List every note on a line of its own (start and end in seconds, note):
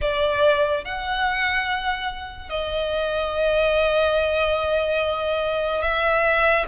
0.01 0.84 D5
0.84 2.49 F#5
2.49 5.81 D#5
5.81 6.65 E5